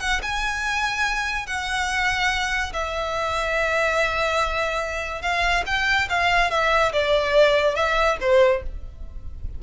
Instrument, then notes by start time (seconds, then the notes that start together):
violin
0.00 F#5
0.22 G#5
1.47 F#5
2.73 E5
5.22 F5
5.66 G5
6.09 F5
6.51 E5
6.92 D5
7.75 E5
8.21 C5